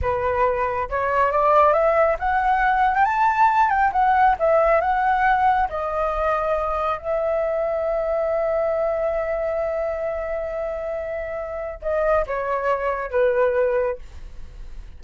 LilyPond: \new Staff \with { instrumentName = "flute" } { \time 4/4 \tempo 4 = 137 b'2 cis''4 d''4 | e''4 fis''4.~ fis''16 g''16 a''4~ | a''8 g''8 fis''4 e''4 fis''4~ | fis''4 dis''2. |
e''1~ | e''1~ | e''2. dis''4 | cis''2 b'2 | }